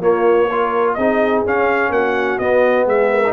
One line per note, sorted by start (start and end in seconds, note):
0.00 0.95 A#3
0.00 0.49 A#3
0.00 0.48 F4
0.00 0.94 C#5
0.50 0.98 F4
0.50 0.96 A#4
0.94 1.45 C4
0.94 1.46 D#4
0.94 1.91 G#4
0.94 1.41 D#5
1.45 1.89 C#4
1.45 2.41 C#4
1.45 1.92 F5
1.89 2.37 A#3
1.89 2.87 F#4
1.89 2.38 F#5
2.38 2.85 B3
2.38 3.24 B3
2.38 2.86 D#5
2.85 3.32 G#3
2.85 3.11 G#4
2.85 3.32 E5
3.11 3.32 A#4
3.25 3.32 D#4